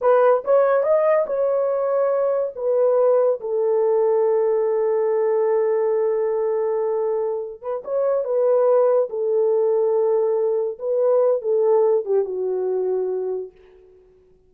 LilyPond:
\new Staff \with { instrumentName = "horn" } { \time 4/4 \tempo 4 = 142 b'4 cis''4 dis''4 cis''4~ | cis''2 b'2 | a'1~ | a'1~ |
a'2 b'8 cis''4 b'8~ | b'4. a'2~ a'8~ | a'4. b'4. a'4~ | a'8 g'8 fis'2. | }